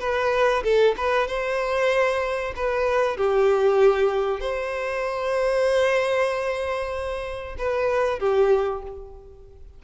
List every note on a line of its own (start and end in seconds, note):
0.00 0.63 B4
0.63 0.95 A4
0.97 1.27 B4
1.27 2.54 C5
2.56 3.17 B4
3.17 4.40 G4
4.40 7.56 C5
7.58 8.19 B4
8.19 8.82 G4